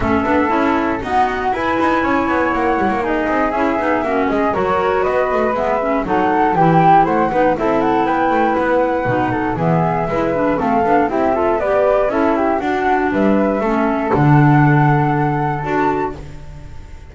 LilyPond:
<<
  \new Staff \with { instrumentName = "flute" } { \time 4/4 \tempo 4 = 119 e''2 fis''4 gis''4~ | gis''4 fis''4 dis''4 e''4~ | e''8 dis''8 cis''4 dis''4 e''4 | fis''4 g''4 fis''4 e''8 fis''8 |
g''4 fis''2 e''4~ | e''4 f''4 e''4 d''4 | e''4 fis''4 e''2 | fis''2. a''4 | }
  \new Staff \with { instrumentName = "flute" } { \time 4/4 a'2 fis'4 b'4 | cis''2 gis'2 | fis'8 gis'8 ais'4 b'2 | a'4 g'4 c''8 b'8 a'4 |
b'2~ b'8 a'8 gis'4 | b'4 a'4 g'8 a'8 b'4 | a'8 g'8 fis'4 b'4 a'4~ | a'1 | }
  \new Staff \with { instrumentName = "clarinet" } { \time 4/4 cis'8 d'8 e'4 b4 e'4~ | e'2 dis'4 e'8 dis'8 | cis'4 fis'2 b8 cis'8 | dis'4 e'4. dis'8 e'4~ |
e'2 dis'4 b4 | e'8 d'8 c'8 d'8 e'8 f'8 g'4 | e'4 d'2 cis'4 | d'2. fis'4 | }
  \new Staff \with { instrumentName = "double bass" } { \time 4/4 a8 b8 cis'4 dis'4 e'8 dis'8 | cis'8 b8 ais8 g16 ais8. c'8 cis'8 b8 | ais8 gis8 fis4 b8 a8 gis4 | fis4 e4 a8 b8 c'4 |
b8 a8 b4 b,4 e4 | gis4 a8 b8 c'4 b4 | cis'4 d'4 g4 a4 | d2. d'4 | }
>>